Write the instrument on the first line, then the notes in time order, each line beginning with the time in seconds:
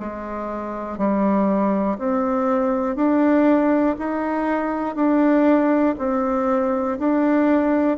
bassoon
0.00 G#3
0.98 G3
1.99 C4
2.96 D4
3.99 D#4
4.95 D4
5.98 C4
6.99 D4